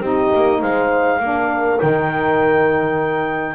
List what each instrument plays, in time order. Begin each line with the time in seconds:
0.00 double bass C4, saxophone D#4, horn G4, clarinet D#5
0.34 double bass A#3
0.61 double bass G#3, horn C5, clarinet F5
1.20 double bass A#3, saxophone D4, horn A#4
1.78 double bass D#3, saxophone D#4, clarinet G5